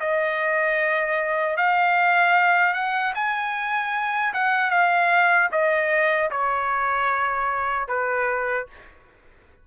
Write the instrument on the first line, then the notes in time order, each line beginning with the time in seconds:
trumpet
0.00 D#5
1.56 F5
2.74 F#5
3.15 G#5
4.33 F#5
4.70 F5
5.52 D#5
6.31 C#5
7.88 B4